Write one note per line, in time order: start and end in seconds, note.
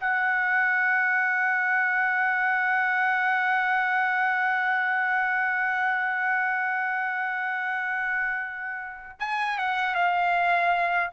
0.00 9.20 F#5
9.20 9.58 G#5
9.58 9.95 F#5
9.95 11.10 F5